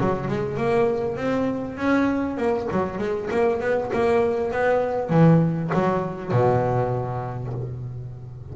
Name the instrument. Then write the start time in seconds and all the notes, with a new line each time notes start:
double bass
0.00 F#3
0.28 G#3
0.57 A#3
1.17 C4
1.77 C#4
2.37 A#3
2.72 F#3
2.98 G#3
3.31 A#3
3.61 B3
3.93 A#3
4.52 B3
5.10 E3
5.74 F#3
6.31 B2